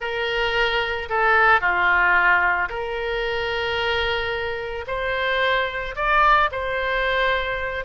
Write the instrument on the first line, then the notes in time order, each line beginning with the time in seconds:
oboe
0.00 A#4
1.09 A4
1.60 F4
2.69 A#4
4.87 C5
5.95 D5
6.51 C5